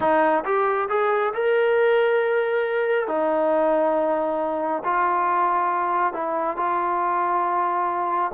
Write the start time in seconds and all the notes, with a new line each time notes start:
0.00 D#4
0.44 G4
0.89 G#4
1.34 A#4
3.07 D#4
4.84 F4
6.13 E4
6.56 F4